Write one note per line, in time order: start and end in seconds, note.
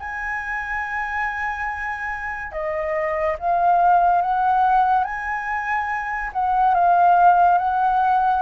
0.00 2.52 G#5
2.52 3.36 D#5
3.39 4.22 F5
4.22 5.04 F#5
5.04 6.31 G#5
6.33 6.74 F#5
6.74 7.58 F5
7.58 8.42 F#5